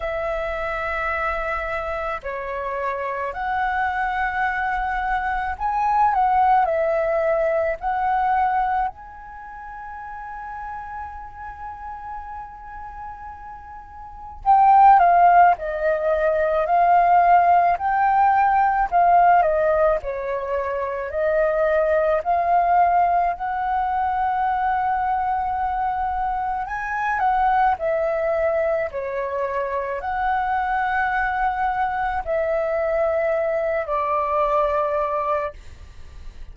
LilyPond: \new Staff \with { instrumentName = "flute" } { \time 4/4 \tempo 4 = 54 e''2 cis''4 fis''4~ | fis''4 gis''8 fis''8 e''4 fis''4 | gis''1~ | gis''4 g''8 f''8 dis''4 f''4 |
g''4 f''8 dis''8 cis''4 dis''4 | f''4 fis''2. | gis''8 fis''8 e''4 cis''4 fis''4~ | fis''4 e''4. d''4. | }